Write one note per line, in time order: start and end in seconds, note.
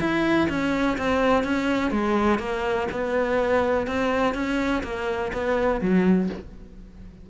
0.00 0.48 E4
0.49 0.97 C#4
0.98 1.44 C4
1.44 1.91 C#4
1.91 2.39 G#3
2.39 2.87 A#3
2.91 3.87 B3
3.87 4.34 C4
4.34 4.83 C#4
4.83 5.32 A#3
5.33 5.81 B3
5.81 6.29 F#3